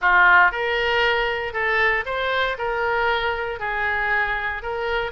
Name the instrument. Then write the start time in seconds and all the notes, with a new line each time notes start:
oboe
0.01 F4
0.51 A#4
1.53 A4
2.05 C5
2.58 A#4
3.59 G#4
4.62 A#4